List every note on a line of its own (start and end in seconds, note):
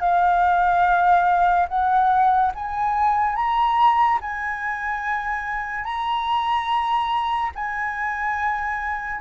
0.00 1.67 F5
1.69 2.52 F#5
2.55 3.36 G#5
3.36 4.19 A#5
4.21 5.85 G#5
5.85 7.52 A#5
7.55 9.21 G#5